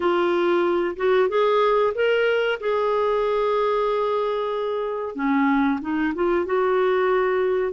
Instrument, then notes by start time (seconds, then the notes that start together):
clarinet
0.00 F4
0.96 F#4
1.28 G#4
1.94 A#4
2.60 G#4
5.15 C#4
5.81 D#4
6.15 F4
6.45 F#4